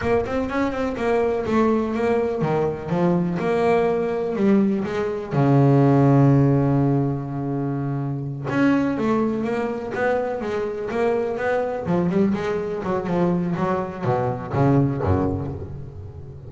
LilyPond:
\new Staff \with { instrumentName = "double bass" } { \time 4/4 \tempo 4 = 124 ais8 c'8 cis'8 c'8 ais4 a4 | ais4 dis4 f4 ais4~ | ais4 g4 gis4 cis4~ | cis1~ |
cis4. cis'4 a4 ais8~ | ais8 b4 gis4 ais4 b8~ | b8 f8 g8 gis4 fis8 f4 | fis4 b,4 cis4 fis,4 | }